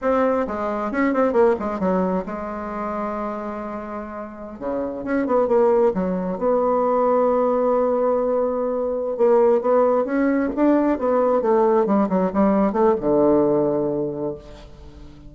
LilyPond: \new Staff \with { instrumentName = "bassoon" } { \time 4/4 \tempo 4 = 134 c'4 gis4 cis'8 c'8 ais8 gis8 | fis4 gis2.~ | gis2~ gis16 cis4 cis'8 b16~ | b16 ais4 fis4 b4.~ b16~ |
b1~ | b8 ais4 b4 cis'4 d'8~ | d'8 b4 a4 g8 fis8 g8~ | g8 a8 d2. | }